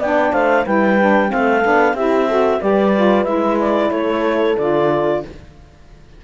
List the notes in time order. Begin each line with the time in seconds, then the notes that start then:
0.00 B3 D4 D5 G5
0.33 A3 C5 F5
0.65 G3 E4 B4 G5
1.00 D4
1.29 A3 C4 A4 F5
1.64 B3 D4
1.94 C4 E4 G4 E5
2.28 F#4 A4
2.60 G3 G4 B4 D5
2.96 F4
3.25 G#3 E4 E5
3.61 D5
3.91 A3 A4 C#5
4.58 D3 F4 D5